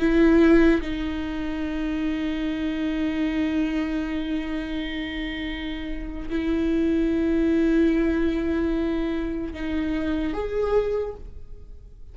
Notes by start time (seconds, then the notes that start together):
0.00 E4
0.81 D#4
6.29 E4
9.53 D#4
10.33 G#4